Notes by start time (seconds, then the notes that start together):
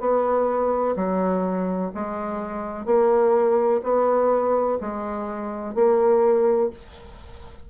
0.00 B3
0.96 F#3
1.94 G#3
2.85 A#3
3.83 B3
4.81 G#3
5.75 A#3